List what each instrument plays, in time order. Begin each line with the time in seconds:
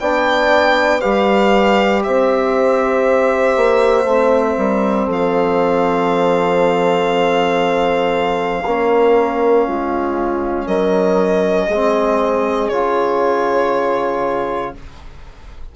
0.00 bassoon B3, trombone D4, horn D5, violin G5
1.01 bassoon G3, trombone G4, horn B4, violin F5
2.03 bassoon C4, horn C5, violin E5
3.57 bassoon A#3
4.04 bassoon A3, trombone C4
4.58 bassoon G3, horn A#4
5.07 bassoon F3, horn A4, violin F5
8.65 bassoon A#3, trombone C#4, horn A#4
9.68 bassoon G#3, horn F4
10.67 bassoon F#3, horn A#4, violin D#5
11.68 bassoon G#3, trombone C4, horn G#4
12.69 bassoon C#3, trombone F4, violin C#5